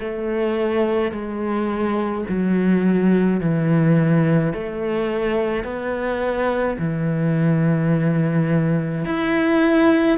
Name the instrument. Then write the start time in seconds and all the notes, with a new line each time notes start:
cello
0.00 A3
1.12 G#3
2.28 F#3
3.40 E3
4.53 A3
5.64 B3
6.79 E3
9.05 E4